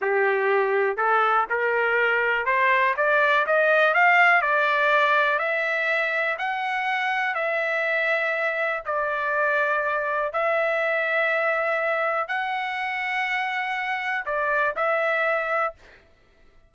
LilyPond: \new Staff \with { instrumentName = "trumpet" } { \time 4/4 \tempo 4 = 122 g'2 a'4 ais'4~ | ais'4 c''4 d''4 dis''4 | f''4 d''2 e''4~ | e''4 fis''2 e''4~ |
e''2 d''2~ | d''4 e''2.~ | e''4 fis''2.~ | fis''4 d''4 e''2 | }